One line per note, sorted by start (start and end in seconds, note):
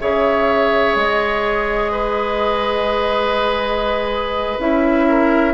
0.00 0.95 C#3
0.00 4.60 G#4
0.00 1.91 C#5
0.00 0.97 E5
0.95 4.58 G#3
0.95 4.60 D#5
1.91 5.06 B4
4.58 5.54 C#4
4.58 5.54 E4
4.58 5.54 E5
5.08 5.54 A#4